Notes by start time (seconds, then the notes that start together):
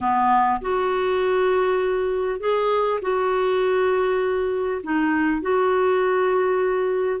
0.00 B3
0.61 F#4
2.40 G#4
3.01 F#4
4.83 D#4
5.41 F#4